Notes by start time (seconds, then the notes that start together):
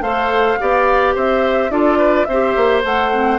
0.00 A3 A4 C5 F5
0.59 B3 G4 D5
1.14 C4 C5 E5
1.69 D4 F4 A4 D5
1.97 B4
2.24 C4 C5 E5
2.32 G4
2.56 A#3
2.83 A3 A4 F#5
3.11 C4